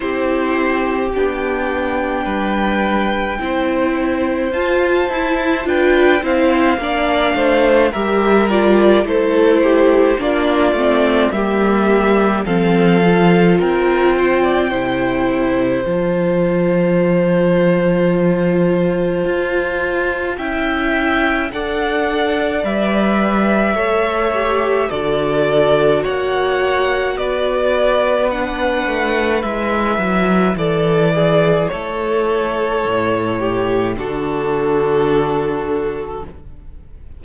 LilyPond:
<<
  \new Staff \with { instrumentName = "violin" } { \time 4/4 \tempo 4 = 53 c''4 g''2. | a''4 g''8 f''4. e''8 d''8 | c''4 d''4 e''4 f''4 | g''2 a''2~ |
a''2 g''4 fis''4 | e''2 d''4 fis''4 | d''4 fis''4 e''4 d''4 | cis''2 a'2 | }
  \new Staff \with { instrumentName = "violin" } { \time 4/4 g'2 b'4 c''4~ | c''4 b'8 c''8 d''8 c''8 ais'4 | a'8 g'8 f'4 g'4 a'4 | ais'8 c''16 d''16 c''2.~ |
c''2 e''4 d''4~ | d''4 cis''4 a'4 cis''4 | b'2. a'8 gis'8 | a'4. g'8 fis'2 | }
  \new Staff \with { instrumentName = "viola" } { \time 4/4 e'4 d'2 e'4 | f'8 e'8 f'8 e'8 d'4 g'8 f'8 | e'4 d'8 c'8 ais4 c'8 f'8~ | f'4 e'4 f'2~ |
f'2 e'4 a'4 | b'4 a'8 g'8 fis'2~ | fis'4 d'4 e'2~ | e'2 d'2 | }
  \new Staff \with { instrumentName = "cello" } { \time 4/4 c'4 b4 g4 c'4 | f'8 e'8 d'8 c'8 ais8 a8 g4 | a4 ais8 a8 g4 f4 | c'4 c4 f2~ |
f4 f'4 cis'4 d'4 | g4 a4 d4 ais4 | b4. a8 gis8 fis8 e4 | a4 a,4 d2 | }
>>